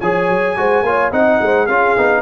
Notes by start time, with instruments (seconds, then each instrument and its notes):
0.00 tuba F3, trombone G#4, horn C#5, trumpet G#5
0.29 tuba F#3
0.56 tuba G#3, trombone F#4, horn C5
0.82 tuba A#3, trombone F4, horn C#5
1.12 tuba C4, trombone D#4, horn D#5, trumpet F#5
1.41 tuba G#3, horn C5
1.66 tuba C#4, trombone F4, horn G#4, trumpet F5
1.97 tuba B3, trombone D#4